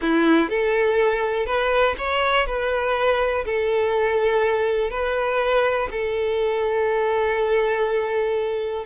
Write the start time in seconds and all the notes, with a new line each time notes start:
0.01 E4
0.49 A4
1.46 B4
1.98 C#5
2.46 B4
3.45 A4
4.90 B4
5.91 A4